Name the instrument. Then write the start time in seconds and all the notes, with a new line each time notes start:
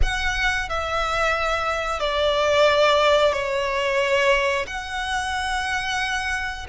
violin
0.02 F#5
0.69 E5
2.00 D5
3.32 C#5
4.66 F#5